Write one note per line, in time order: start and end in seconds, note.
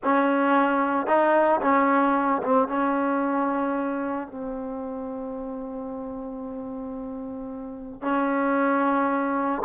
0.03 1.06 C#4
1.06 1.60 D#4
1.61 2.41 C#4
2.42 2.68 C4
2.68 4.28 C#4
4.28 8.01 C4
8.01 9.62 C#4